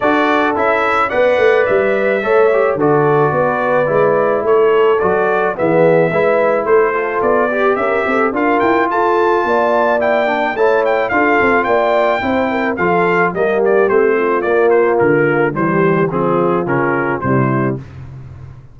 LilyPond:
<<
  \new Staff \with { instrumentName = "trumpet" } { \time 4/4 \tempo 4 = 108 d''4 e''4 fis''4 e''4~ | e''4 d''2. | cis''4 d''4 e''2 | c''4 d''4 e''4 f''8 g''8 |
a''2 g''4 a''8 g''8 | f''4 g''2 f''4 | dis''8 d''8 c''4 d''8 c''8 ais'4 | c''4 gis'4 ais'4 c''4 | }
  \new Staff \with { instrumentName = "horn" } { \time 4/4 a'2 d''2 | cis''4 a'4 b'2 | a'2 gis'4 b'4 | a'4. g'8 ais'8 a'8 ais'4 |
a'4 d''2 cis''4 | a'4 d''4 c''8 ais'8 a'4 | g'4. f'2~ f'8 | g'4 f'2 e'4 | }
  \new Staff \with { instrumentName = "trombone" } { \time 4/4 fis'4 e'4 b'2 | a'8 g'8 fis'2 e'4~ | e'4 fis'4 b4 e'4~ | e'8 f'4 g'4. f'4~ |
f'2 e'8 d'8 e'4 | f'2 e'4 f'4 | ais4 c'4 ais2 | g4 c'4 cis'4 g4 | }
  \new Staff \with { instrumentName = "tuba" } { \time 4/4 d'4 cis'4 b8 a8 g4 | a4 d4 b4 gis4 | a4 fis4 e4 gis4 | a4 b4 cis'8 c'8 d'8 e'8 |
f'4 ais2 a4 | d'8 c'8 ais4 c'4 f4 | g4 a4 ais4 d4 | e4 f4 cis4 c4 | }
>>